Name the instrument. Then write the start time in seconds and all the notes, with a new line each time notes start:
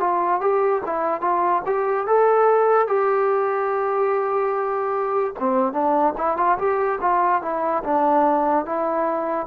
trombone
0.00 F4
0.41 G4
0.86 E4
1.21 F4
1.66 G4
2.08 A4
2.88 G4
5.40 C4
5.73 D4
6.18 E4
6.38 F4
6.59 G4
7.02 F4
7.42 E4
7.84 D4
8.66 E4